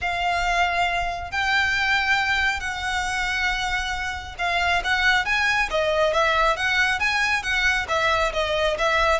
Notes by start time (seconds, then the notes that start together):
0.01 F5
1.31 G5
2.60 F#5
4.38 F5
4.84 F#5
5.25 G#5
5.70 D#5
6.13 E5
6.56 F#5
6.99 G#5
7.42 F#5
7.88 E5
8.33 D#5
8.78 E5